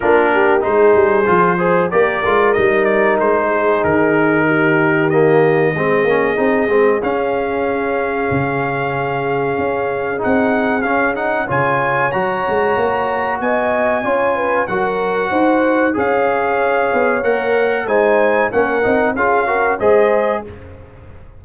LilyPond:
<<
  \new Staff \with { instrumentName = "trumpet" } { \time 4/4 \tempo 4 = 94 ais'4 c''2 d''4 | dis''8 d''8 c''4 ais'2 | dis''2. f''4~ | f''1 |
fis''4 f''8 fis''8 gis''4 ais''4~ | ais''4 gis''2 fis''4~ | fis''4 f''2 fis''4 | gis''4 fis''4 f''4 dis''4 | }
  \new Staff \with { instrumentName = "horn" } { \time 4/4 f'8 g'8 gis'4. c''8 ais'4~ | ais'4. gis'4. g'4~ | g'4 gis'2.~ | gis'1~ |
gis'2 cis''2~ | cis''4 dis''4 cis''8 b'8 ais'4 | c''4 cis''2. | c''4 ais'4 gis'8 ais'8 c''4 | }
  \new Staff \with { instrumentName = "trombone" } { \time 4/4 d'4 dis'4 f'8 gis'8 g'8 f'8 | dis'1 | ais4 c'8 cis'8 dis'8 c'8 cis'4~ | cis'1 |
dis'4 cis'8 dis'8 f'4 fis'4~ | fis'2 f'4 fis'4~ | fis'4 gis'2 ais'4 | dis'4 cis'8 dis'8 f'8 fis'8 gis'4 | }
  \new Staff \with { instrumentName = "tuba" } { \time 4/4 ais4 gis8 g8 f4 ais8 gis8 | g4 gis4 dis2~ | dis4 gis8 ais8 c'8 gis8 cis'4~ | cis'4 cis2 cis'4 |
c'4 cis'4 cis4 fis8 gis8 | ais4 b4 cis'4 fis4 | dis'4 cis'4. b8 ais4 | gis4 ais8 c'8 cis'4 gis4 | }
>>